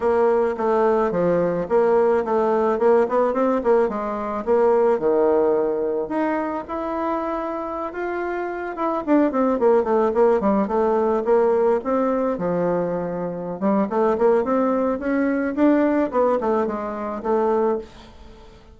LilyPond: \new Staff \with { instrumentName = "bassoon" } { \time 4/4 \tempo 4 = 108 ais4 a4 f4 ais4 | a4 ais8 b8 c'8 ais8 gis4 | ais4 dis2 dis'4 | e'2~ e'16 f'4. e'16~ |
e'16 d'8 c'8 ais8 a8 ais8 g8 a8.~ | a16 ais4 c'4 f4.~ f16~ | f8 g8 a8 ais8 c'4 cis'4 | d'4 b8 a8 gis4 a4 | }